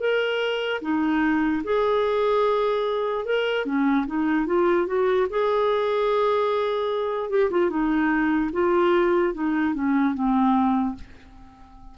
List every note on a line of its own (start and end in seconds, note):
0.00 0.81 A#4
0.82 1.63 D#4
1.64 3.25 G#4
3.25 3.66 A#4
3.66 4.06 C#4
4.07 4.47 D#4
4.47 4.87 F4
4.87 5.27 F#4
5.30 7.30 G#4
7.30 7.51 G4
7.51 7.70 F4
7.70 8.51 D#4
8.53 9.34 F4
9.34 9.75 D#4
9.75 10.15 C#4
10.15 10.96 C4